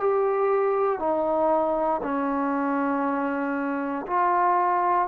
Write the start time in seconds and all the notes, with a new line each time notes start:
0.00 G4
0.99 D#4
2.03 C#4
4.07 F4